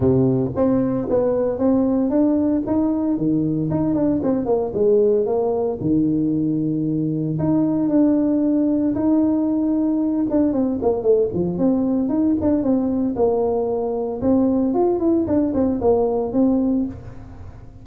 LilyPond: \new Staff \with { instrumentName = "tuba" } { \time 4/4 \tempo 4 = 114 c4 c'4 b4 c'4 | d'4 dis'4 dis4 dis'8 d'8 | c'8 ais8 gis4 ais4 dis4~ | dis2 dis'4 d'4~ |
d'4 dis'2~ dis'8 d'8 | c'8 ais8 a8 f8 c'4 dis'8 d'8 | c'4 ais2 c'4 | f'8 e'8 d'8 c'8 ais4 c'4 | }